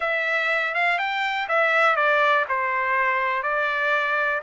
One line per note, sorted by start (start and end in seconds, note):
0.00 0.74 E5
0.74 0.98 F5
0.98 1.47 G5
1.48 1.95 E5
1.95 2.45 D5
2.48 3.42 C5
3.42 4.41 D5